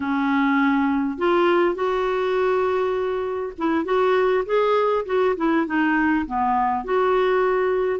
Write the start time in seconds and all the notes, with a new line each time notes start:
0.00 C#4
1.17 F4
1.74 F#4
3.58 E4
3.85 F#4
4.45 G#4
5.05 F#4
5.36 E4
5.66 D#4
6.26 B3
6.84 F#4